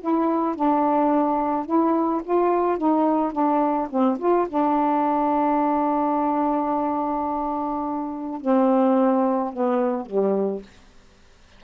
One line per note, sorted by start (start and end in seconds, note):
0.00 0.55 E4
0.55 1.65 D4
1.65 2.21 E4
2.23 2.77 F4
2.77 3.32 D#4
3.32 3.88 D4
3.90 4.18 C4
4.19 4.47 F4
4.48 8.41 D4
8.41 9.53 C4
9.53 10.06 B3
10.06 10.62 G3